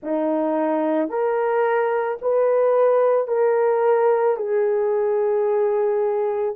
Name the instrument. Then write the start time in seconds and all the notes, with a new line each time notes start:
horn
0.02 D#4
1.09 A#4
2.21 B4
3.27 A#4
4.36 G#4